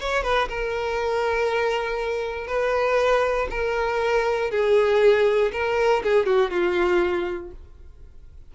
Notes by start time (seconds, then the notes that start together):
0.00 C#5
0.23 B4
0.49 A#4
2.47 B4
3.50 A#4
4.51 G#4
5.52 A#4
6.03 G#4
6.26 F#4
6.50 F4